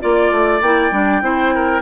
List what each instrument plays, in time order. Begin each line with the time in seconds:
0.00 bassoon A#3, clarinet F4, flute D5, oboe D5
0.31 bassoon A3
0.61 bassoon A#3, clarinet E4, flute G5
0.91 bassoon G3, clarinet D4
1.21 bassoon C4, clarinet E4, oboe C5
1.54 oboe A#4